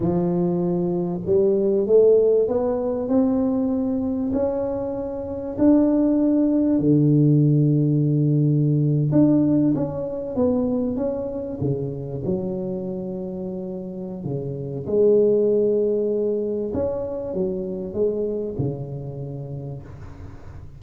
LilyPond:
\new Staff \with { instrumentName = "tuba" } { \time 4/4 \tempo 4 = 97 f2 g4 a4 | b4 c'2 cis'4~ | cis'4 d'2 d4~ | d2~ d8. d'4 cis'16~ |
cis'8. b4 cis'4 cis4 fis16~ | fis2. cis4 | gis2. cis'4 | fis4 gis4 cis2 | }